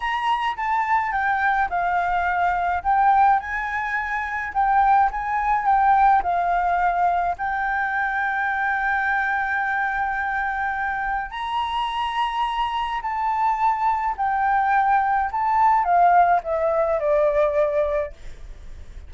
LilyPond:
\new Staff \with { instrumentName = "flute" } { \time 4/4 \tempo 4 = 106 ais''4 a''4 g''4 f''4~ | f''4 g''4 gis''2 | g''4 gis''4 g''4 f''4~ | f''4 g''2.~ |
g''1 | ais''2. a''4~ | a''4 g''2 a''4 | f''4 e''4 d''2 | }